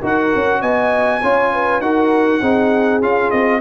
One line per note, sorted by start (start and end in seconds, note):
0.00 0.33 D#4
0.00 1.21 F#4
0.00 0.60 A#4
0.00 0.62 F#5
0.35 0.62 C#4
0.60 1.22 B3
0.60 1.21 D#5
0.60 1.81 G#5
1.22 1.80 C#4
1.22 1.82 F4
1.22 1.52 C#5
1.52 1.82 B4
1.80 2.40 D#4
1.80 2.41 F#4
1.80 2.41 A#4
1.80 3.01 F#5
2.41 3.02 C4
2.41 3.01 D#4
2.41 3.60 G#4
3.01 3.31 C#4
3.01 3.60 F4
3.01 3.30 F5
3.30 3.60 C4
3.30 3.60 D#5